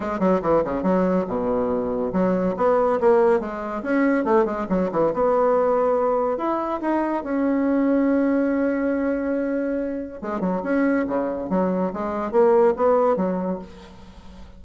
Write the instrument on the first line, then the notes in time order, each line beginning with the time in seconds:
bassoon
0.00 G#3
0.19 F#3
0.41 E3
0.64 C#3
0.82 F#3
1.27 B2
2.12 F#3
2.56 B3
3.00 A#3
3.40 G#3
3.82 C#4
4.24 A3
4.45 G#3
4.69 F#3
4.91 E3
5.13 B3
6.37 E4
6.81 D#4
7.23 C#4
10.21 G#3
10.40 F#3
10.63 C#4
11.07 C#3
11.49 F#3
11.93 G#3
12.31 A#3
12.76 B3
13.16 F#3